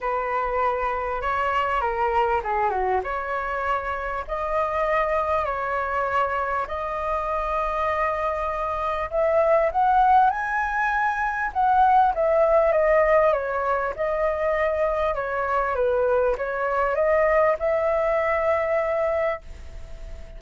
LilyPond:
\new Staff \with { instrumentName = "flute" } { \time 4/4 \tempo 4 = 99 b'2 cis''4 ais'4 | gis'8 fis'8 cis''2 dis''4~ | dis''4 cis''2 dis''4~ | dis''2. e''4 |
fis''4 gis''2 fis''4 | e''4 dis''4 cis''4 dis''4~ | dis''4 cis''4 b'4 cis''4 | dis''4 e''2. | }